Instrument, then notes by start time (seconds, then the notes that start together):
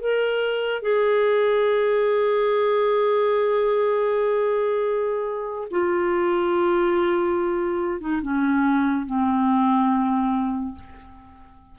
clarinet
0.00 A#4
0.82 G#4
5.70 F4
8.00 D#4
8.22 C#4
9.05 C4